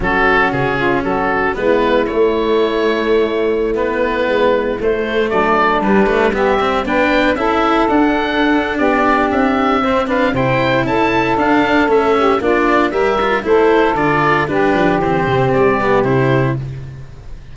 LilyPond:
<<
  \new Staff \with { instrumentName = "oboe" } { \time 4/4 \tempo 4 = 116 a'4 gis'4 a'4 b'4 | cis''2.~ cis''16 b'8.~ | b'4~ b'16 c''4 d''4 b'8.~ | b'16 e''4 g''4 e''4 fis''8.~ |
fis''4 d''4 e''4. f''8 | g''4 a''4 f''4 e''4 | d''4 e''4 c''4 d''4 | b'4 c''4 d''4 c''4 | }
  \new Staff \with { instrumentName = "saxophone" } { \time 4/4 fis'4. f'8 fis'4 e'4~ | e'1~ | e'2~ e'16 d'4.~ d'16~ | d'16 g'4 b'4 a'4.~ a'16~ |
a'4 g'2 c''8 b'8 | c''4 a'2~ a'8 g'8 | f'4 ais'4 a'2 | g'1 | }
  \new Staff \with { instrumentName = "cello" } { \time 4/4 cis'2. b4 | a2.~ a16 b8.~ | b4~ b16 a2 g8 a16~ | a16 b8 c'8 d'4 e'4 d'8.~ |
d'2. c'8 d'8 | e'2 d'4 cis'4 | d'4 g'8 f'8 e'4 f'4 | d'4 c'4. b8 e'4 | }
  \new Staff \with { instrumentName = "tuba" } { \time 4/4 fis4 cis4 fis4 gis4 | a1~ | a16 gis4 a4 fis4 g8.~ | g4~ g16 b4 cis'4 d'8.~ |
d'4 b4 c'2 | c4 cis'4 d'4 a4 | ais4 g4 a4 d4 | g8 f8 e8 c8 g4 c4 | }
>>